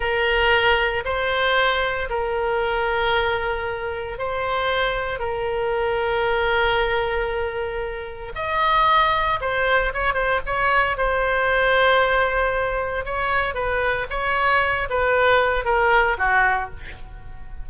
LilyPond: \new Staff \with { instrumentName = "oboe" } { \time 4/4 \tempo 4 = 115 ais'2 c''2 | ais'1 | c''2 ais'2~ | ais'1 |
dis''2 c''4 cis''8 c''8 | cis''4 c''2.~ | c''4 cis''4 b'4 cis''4~ | cis''8 b'4. ais'4 fis'4 | }